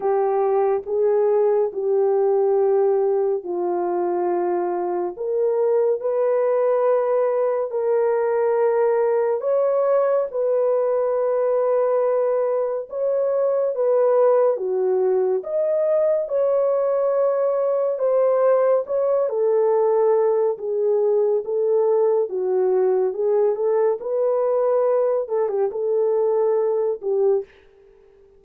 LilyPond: \new Staff \with { instrumentName = "horn" } { \time 4/4 \tempo 4 = 70 g'4 gis'4 g'2 | f'2 ais'4 b'4~ | b'4 ais'2 cis''4 | b'2. cis''4 |
b'4 fis'4 dis''4 cis''4~ | cis''4 c''4 cis''8 a'4. | gis'4 a'4 fis'4 gis'8 a'8 | b'4. a'16 g'16 a'4. g'8 | }